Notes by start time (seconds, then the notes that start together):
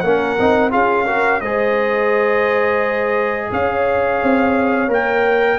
0.00 A#3 C#4 A#4 F#5
0.38 C4 D#4
0.70 C#4 F4 G#4 F5
1.06 F#4 A#4
1.41 G#3 G#4 C5 D#5
3.51 C#4 C#5 F5
4.23 C4
4.88 A#3 A#4 G5